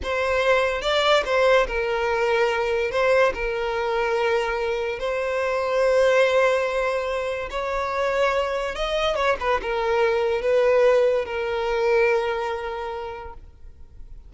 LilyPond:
\new Staff \with { instrumentName = "violin" } { \time 4/4 \tempo 4 = 144 c''2 d''4 c''4 | ais'2. c''4 | ais'1 | c''1~ |
c''2 cis''2~ | cis''4 dis''4 cis''8 b'8 ais'4~ | ais'4 b'2 ais'4~ | ais'1 | }